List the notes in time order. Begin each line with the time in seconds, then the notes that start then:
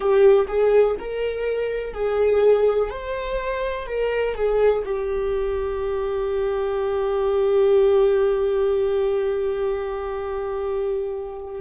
0.00 G4
0.48 G#4
0.99 A#4
1.93 G#4
2.90 C5
3.86 A#4
4.34 G#4
4.84 G4